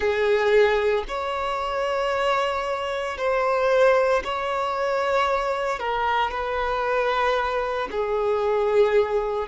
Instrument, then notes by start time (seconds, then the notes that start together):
violin
0.00 G#4
1.08 C#5
3.17 C5
4.23 C#5
5.79 A#4
6.30 B4
7.91 G#4